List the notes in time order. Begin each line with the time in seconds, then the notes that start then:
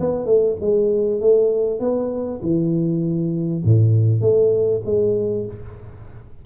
0.00 B3
0.26 A3
0.61 G#3
1.20 A3
1.80 B3
2.42 E3
3.64 A2
4.21 A3
4.85 G#3